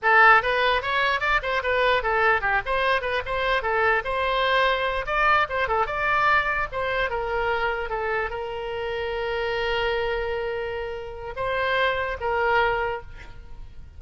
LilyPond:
\new Staff \with { instrumentName = "oboe" } { \time 4/4 \tempo 4 = 148 a'4 b'4 cis''4 d''8 c''8 | b'4 a'4 g'8 c''4 b'8 | c''4 a'4 c''2~ | c''8 d''4 c''8 a'8 d''4.~ |
d''8 c''4 ais'2 a'8~ | a'8 ais'2.~ ais'8~ | ais'1 | c''2 ais'2 | }